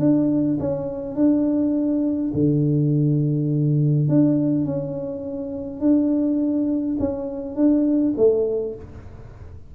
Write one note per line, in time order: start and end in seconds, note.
0.00 0.58 D4
0.60 1.16 C#4
1.16 2.32 D4
2.34 4.09 D3
4.09 4.65 D4
4.65 5.81 C#4
5.81 6.97 D4
7.00 7.56 C#4
7.56 8.14 D4
8.17 8.75 A3